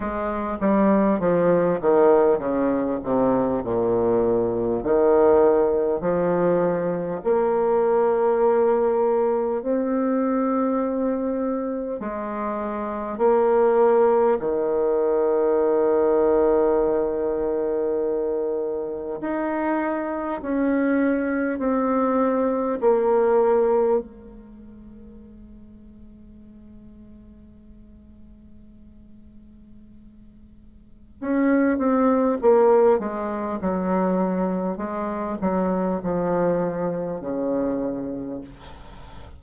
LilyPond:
\new Staff \with { instrumentName = "bassoon" } { \time 4/4 \tempo 4 = 50 gis8 g8 f8 dis8 cis8 c8 ais,4 | dis4 f4 ais2 | c'2 gis4 ais4 | dis1 |
dis'4 cis'4 c'4 ais4 | gis1~ | gis2 cis'8 c'8 ais8 gis8 | fis4 gis8 fis8 f4 cis4 | }